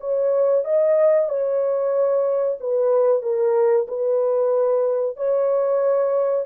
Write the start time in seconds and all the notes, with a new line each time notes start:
0.00 C#5
0.65 D#5
1.29 C#5
2.60 B4
3.22 A#4
3.88 B4
5.17 C#5